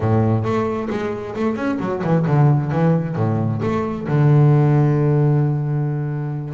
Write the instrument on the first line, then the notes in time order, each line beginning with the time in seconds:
double bass
0.00 A2
0.43 A3
0.89 G#3
1.35 A3
1.55 C#4
1.79 F#3
2.03 E3
2.26 D3
2.71 E3
3.16 A2
3.62 A3
4.08 D3